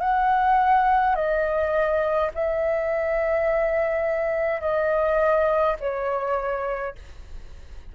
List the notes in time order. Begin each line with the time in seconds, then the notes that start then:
0.00 F#5
1.15 D#5
2.34 E5
4.60 D#5
5.80 C#5